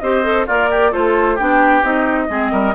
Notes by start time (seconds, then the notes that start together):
0.00 C4 G4 C5 D#5
0.24 A4
0.47 A#3 F4 A#4 D5
0.71 G4
0.92 A3 F4 A4 C5
1.35 B3 D4 G4 G5
1.83 C4 D#4 D#5
2.29 G#3 C4 G#4
2.52 G3 A#4